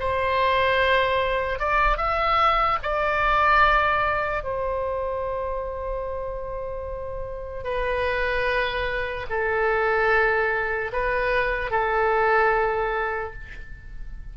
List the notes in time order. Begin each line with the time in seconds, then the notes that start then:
0.00 C5
1.60 D5
1.98 E5
2.83 D5
4.44 C5
7.64 B4
9.30 A4
10.92 B4
11.71 A4